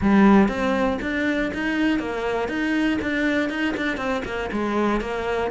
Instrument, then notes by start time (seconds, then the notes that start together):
cello
0.01 G3
0.48 C4
1.01 D4
1.54 D#4
1.99 A#3
2.48 D#4
3.01 D4
3.49 D#4
3.76 D4
3.97 C4
4.25 A#3
4.51 G#3
5.00 A#3